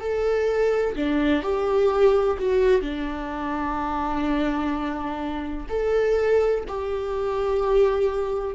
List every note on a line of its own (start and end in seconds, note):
0.00 0.95 A4
0.96 1.42 D4
1.42 2.38 G4
2.39 2.81 F#4
2.81 5.67 D4
5.69 6.64 A4
6.68 8.55 G4